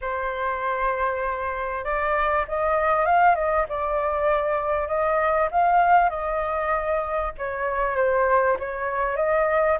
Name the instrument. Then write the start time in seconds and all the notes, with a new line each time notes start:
flute
0.01 C5
1.84 D5
2.48 D#5
3.05 F5
3.35 D#5
3.68 D5
4.87 D#5
5.51 F5
6.09 D#5
7.37 C#5
7.96 C5
8.59 C#5
9.16 D#5